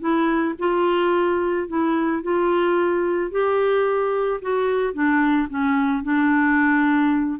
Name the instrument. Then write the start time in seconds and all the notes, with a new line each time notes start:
clarinet
0.00 E4
0.59 F4
1.68 E4
2.23 F4
3.31 G4
4.42 F#4
4.94 D4
5.50 C#4
6.03 D4